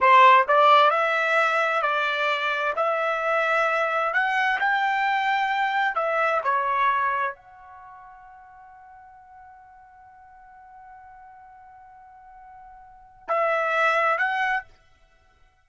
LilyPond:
\new Staff \with { instrumentName = "trumpet" } { \time 4/4 \tempo 4 = 131 c''4 d''4 e''2 | d''2 e''2~ | e''4 fis''4 g''2~ | g''4 e''4 cis''2 |
fis''1~ | fis''1~ | fis''1~ | fis''4 e''2 fis''4 | }